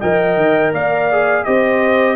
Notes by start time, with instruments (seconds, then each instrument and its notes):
0.00 tuba F3, trombone A#4, horn D#5, trumpet G5
0.36 tuba D#3
0.73 tuba A#3, horn D5, trumpet F5
1.12 trombone G#4
1.44 tuba C4, trombone G4, horn C5, trumpet D#5